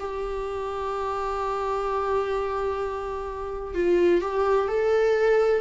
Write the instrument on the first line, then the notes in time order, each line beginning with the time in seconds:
viola
0.00 G4
3.75 F4
4.21 G4
4.68 A4